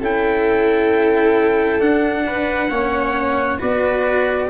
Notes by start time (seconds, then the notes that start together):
0.00 C#4 E4 A4 G5
1.80 D4 F#5
2.27 B4
2.70 A#3 C#4 C#5
3.59 B3 F#4 B4 D5